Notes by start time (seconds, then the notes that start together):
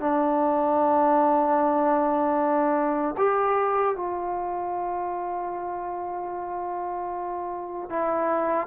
0.00 D4
3.18 G4
3.96 F4
7.89 E4